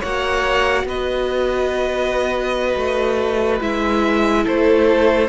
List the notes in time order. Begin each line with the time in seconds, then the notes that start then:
0.00 A#3 F#4 C#5 F#5
0.84 B3 B4 D#5
2.76 A3
3.61 G#3 E4 E5
4.43 A3 A4 C5